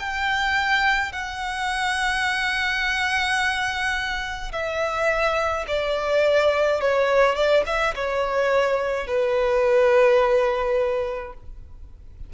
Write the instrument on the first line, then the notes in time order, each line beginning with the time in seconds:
violin
0.00 G5
1.13 F#5
4.53 E5
5.68 D5
6.81 C#5
7.36 D5
7.67 E5
7.96 C#5
9.08 B4